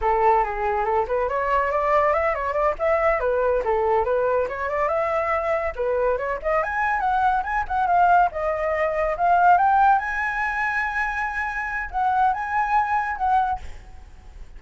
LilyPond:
\new Staff \with { instrumentName = "flute" } { \time 4/4 \tempo 4 = 141 a'4 gis'4 a'8 b'8 cis''4 | d''4 e''8 cis''8 d''8 e''4 b'8~ | b'8 a'4 b'4 cis''8 d''8 e''8~ | e''4. b'4 cis''8 dis''8 gis''8~ |
gis''8 fis''4 gis''8 fis''8 f''4 dis''8~ | dis''4. f''4 g''4 gis''8~ | gis''1 | fis''4 gis''2 fis''4 | }